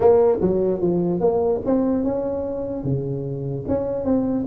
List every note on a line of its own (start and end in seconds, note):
0.00 0.38 A#3
0.41 0.81 F#3
0.81 1.20 F3
1.20 1.61 A#3
1.65 2.04 C4
2.04 2.83 C#4
2.83 3.64 C#3
3.68 4.04 C#4
4.04 4.45 C4